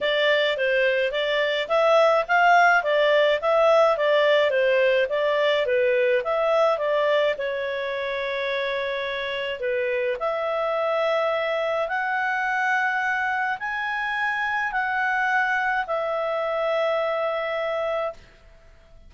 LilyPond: \new Staff \with { instrumentName = "clarinet" } { \time 4/4 \tempo 4 = 106 d''4 c''4 d''4 e''4 | f''4 d''4 e''4 d''4 | c''4 d''4 b'4 e''4 | d''4 cis''2.~ |
cis''4 b'4 e''2~ | e''4 fis''2. | gis''2 fis''2 | e''1 | }